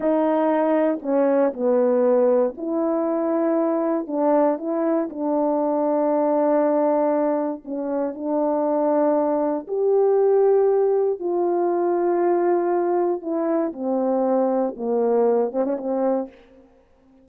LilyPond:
\new Staff \with { instrumentName = "horn" } { \time 4/4 \tempo 4 = 118 dis'2 cis'4 b4~ | b4 e'2. | d'4 e'4 d'2~ | d'2. cis'4 |
d'2. g'4~ | g'2 f'2~ | f'2 e'4 c'4~ | c'4 ais4. c'16 cis'16 c'4 | }